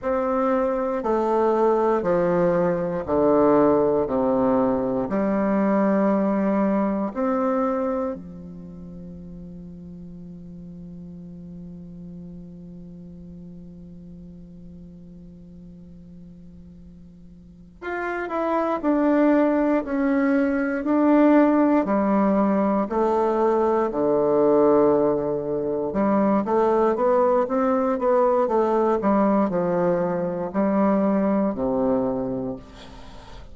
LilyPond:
\new Staff \with { instrumentName = "bassoon" } { \time 4/4 \tempo 4 = 59 c'4 a4 f4 d4 | c4 g2 c'4 | f1~ | f1~ |
f4. f'8 e'8 d'4 cis'8~ | cis'8 d'4 g4 a4 d8~ | d4. g8 a8 b8 c'8 b8 | a8 g8 f4 g4 c4 | }